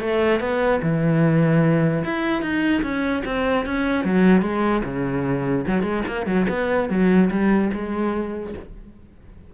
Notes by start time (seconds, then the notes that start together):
0.00 A3
0.40 B3
0.82 E3
2.04 E4
2.42 D#4
2.82 C#4
3.25 C4
3.66 C#4
4.05 F#3
4.42 G#3
4.84 C#3
5.67 F#3
5.83 G#3
6.07 A#3
6.26 F#3
6.49 B3
6.89 F#3
7.31 G3
7.73 G#3